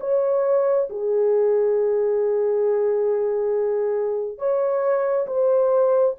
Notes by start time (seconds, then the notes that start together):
0.00 C#5
0.90 G#4
4.38 C#5
5.27 C5